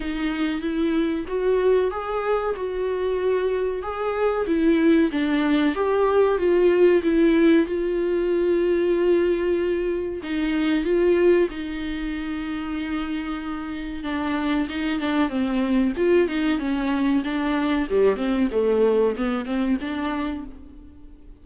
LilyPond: \new Staff \with { instrumentName = "viola" } { \time 4/4 \tempo 4 = 94 dis'4 e'4 fis'4 gis'4 | fis'2 gis'4 e'4 | d'4 g'4 f'4 e'4 | f'1 |
dis'4 f'4 dis'2~ | dis'2 d'4 dis'8 d'8 | c'4 f'8 dis'8 cis'4 d'4 | g8 c'8 a4 b8 c'8 d'4 | }